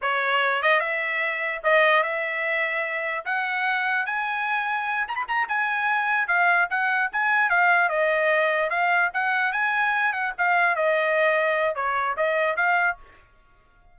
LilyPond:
\new Staff \with { instrumentName = "trumpet" } { \time 4/4 \tempo 4 = 148 cis''4. dis''8 e''2 | dis''4 e''2. | fis''2 gis''2~ | gis''8 ais''16 b''16 ais''8 gis''2 f''8~ |
f''8 fis''4 gis''4 f''4 dis''8~ | dis''4. f''4 fis''4 gis''8~ | gis''4 fis''8 f''4 dis''4.~ | dis''4 cis''4 dis''4 f''4 | }